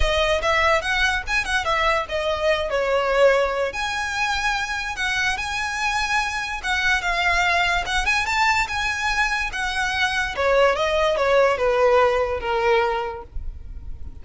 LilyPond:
\new Staff \with { instrumentName = "violin" } { \time 4/4 \tempo 4 = 145 dis''4 e''4 fis''4 gis''8 fis''8 | e''4 dis''4. cis''4.~ | cis''4 gis''2. | fis''4 gis''2. |
fis''4 f''2 fis''8 gis''8 | a''4 gis''2 fis''4~ | fis''4 cis''4 dis''4 cis''4 | b'2 ais'2 | }